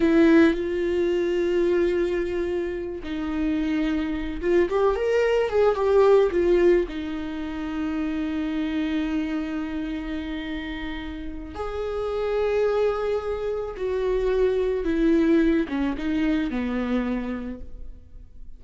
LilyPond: \new Staff \with { instrumentName = "viola" } { \time 4/4 \tempo 4 = 109 e'4 f'2.~ | f'4. dis'2~ dis'8 | f'8 g'8 ais'4 gis'8 g'4 f'8~ | f'8 dis'2.~ dis'8~ |
dis'1~ | dis'4 gis'2.~ | gis'4 fis'2 e'4~ | e'8 cis'8 dis'4 b2 | }